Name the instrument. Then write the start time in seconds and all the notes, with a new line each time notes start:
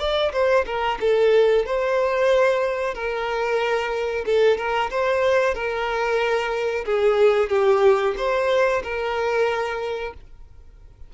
violin
0.00 D5
0.33 C5
0.66 A#4
1.01 A4
1.66 C5
2.95 A#4
4.26 A4
4.58 A#4
4.91 C5
5.55 A#4
6.86 G#4
7.50 G4
8.18 C5
8.83 A#4